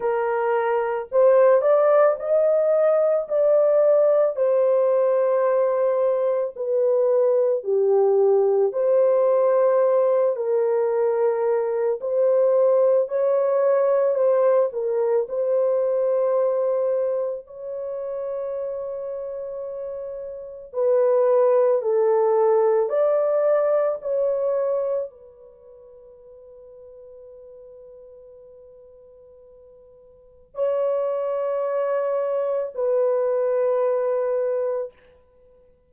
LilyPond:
\new Staff \with { instrumentName = "horn" } { \time 4/4 \tempo 4 = 55 ais'4 c''8 d''8 dis''4 d''4 | c''2 b'4 g'4 | c''4. ais'4. c''4 | cis''4 c''8 ais'8 c''2 |
cis''2. b'4 | a'4 d''4 cis''4 b'4~ | b'1 | cis''2 b'2 | }